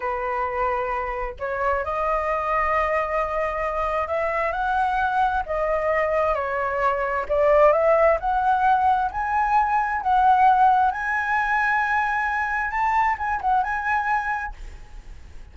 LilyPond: \new Staff \with { instrumentName = "flute" } { \time 4/4 \tempo 4 = 132 b'2. cis''4 | dis''1~ | dis''4 e''4 fis''2 | dis''2 cis''2 |
d''4 e''4 fis''2 | gis''2 fis''2 | gis''1 | a''4 gis''8 fis''8 gis''2 | }